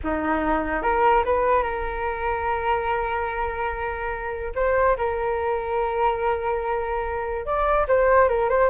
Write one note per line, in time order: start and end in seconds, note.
0.03 0.82 D#4
0.82 1.23 A#4
1.25 1.63 B4
1.63 4.52 A#4
4.55 4.96 C5
4.97 7.45 A#4
7.45 7.87 D5
7.87 8.28 C5
8.28 8.49 A#4
8.49 8.69 C5